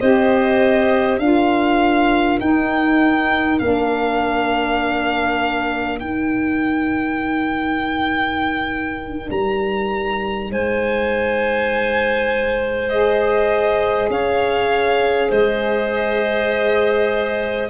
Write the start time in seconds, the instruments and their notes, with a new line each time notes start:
0.00 tuba C4, saxophone G4, clarinet C5, violin D#5
1.19 tuba D4, saxophone F4, clarinet A#4, violin F5
2.40 saxophone D#4, tuba D#4, violin G5
3.59 tuba A#3, saxophone D4, violin F5
5.99 saxophone D#4, tuba D#4, violin G5
9.30 tuba G3, violin A#5
10.51 tuba G#3, clarinet C5, violin G#5
12.89 saxophone G#4, violin D#5
14.10 tuba C#4, clarinet C#5, violin F5
15.29 tuba G#3, clarinet C5, violin D#5